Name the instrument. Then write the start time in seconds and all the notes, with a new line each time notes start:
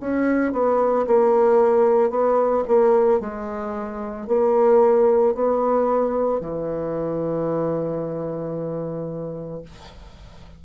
bassoon
0.00 C#4
0.52 B3
1.07 A#3
2.10 B3
2.67 A#3
3.20 G#3
4.27 A#3
5.34 B3
6.40 E3